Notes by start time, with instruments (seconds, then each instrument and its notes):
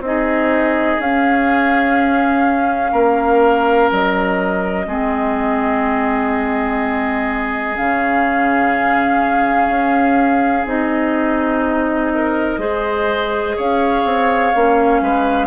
0.00 bassoon C4, clarinet D#4, flute D#5
0.06 oboe G#4
0.99 bassoon C#4, clarinet C#4, flute F5
2.92 bassoon A#3, oboe A#4
3.91 bassoon F#3, flute D#5
4.86 bassoon G#3, clarinet C4, oboe G#4
7.76 bassoon C#3, clarinet C#4, flute F5
9.68 bassoon C#4
10.65 bassoon C4, clarinet D#4, flute D#5
12.14 oboe A#4
12.57 bassoon G#3, clarinet G#4, oboe C5
13.56 bassoon C#4, oboe C#5, flute F5
14.04 bassoon C4
14.55 bassoon A#3, clarinet C#4
15.01 bassoon G#3, oboe B4